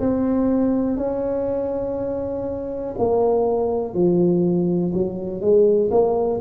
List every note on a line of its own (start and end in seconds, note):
0.00 0.97 C4
0.97 2.94 C#4
2.98 3.94 A#3
3.94 4.93 F3
4.94 5.41 F#3
5.41 5.90 G#3
5.91 6.40 A#3